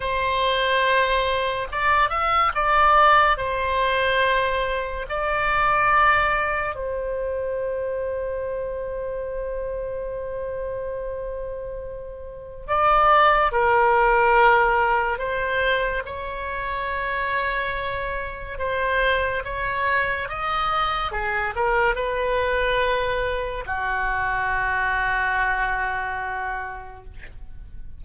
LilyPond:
\new Staff \with { instrumentName = "oboe" } { \time 4/4 \tempo 4 = 71 c''2 d''8 e''8 d''4 | c''2 d''2 | c''1~ | c''2. d''4 |
ais'2 c''4 cis''4~ | cis''2 c''4 cis''4 | dis''4 gis'8 ais'8 b'2 | fis'1 | }